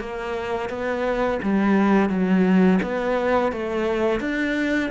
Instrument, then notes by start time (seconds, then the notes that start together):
cello
0.00 A#3
0.70 B3
1.43 G3
2.10 F#3
2.83 B3
3.52 A3
4.21 D4